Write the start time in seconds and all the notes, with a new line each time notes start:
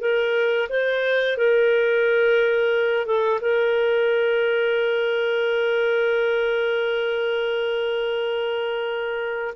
0.00 A#4
0.69 C5
1.37 A#4
3.06 A4
3.41 A#4